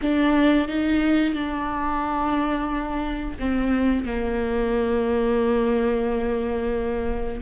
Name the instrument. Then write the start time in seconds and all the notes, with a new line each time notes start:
viola
0.01 D4
0.68 D#4
1.34 D4
3.39 C4
4.04 A#3